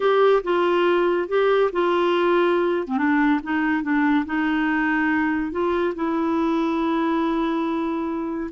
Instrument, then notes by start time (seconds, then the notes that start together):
clarinet
0.00 G4
0.43 F4
1.28 G4
1.72 F4
2.87 C4
2.97 D4
3.43 D#4
3.82 D4
4.25 D#4
5.51 F4
5.95 E4